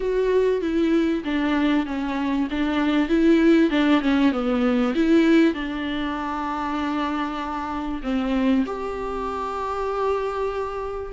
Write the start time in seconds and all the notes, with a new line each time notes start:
0.00 F#4
0.61 E4
1.24 D4
1.86 C#4
2.50 D4
3.08 E4
3.70 D4
4.01 C#4
4.32 B3
4.94 E4
5.54 D4
8.02 C4
8.66 G4